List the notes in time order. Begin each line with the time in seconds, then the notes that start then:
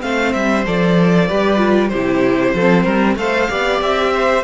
0.00 A3 C4 C5 F5
0.32 G3 E5
0.66 F3 A4 D5
1.27 G3 G4 B4
1.57 F4
1.88 C3 E4 G4 C5
2.54 F3 C4 A4
2.83 G3 A#4
3.15 A3 A4 C5 F5
3.48 B3 G4 D5
3.80 C4 E5
4.13 C5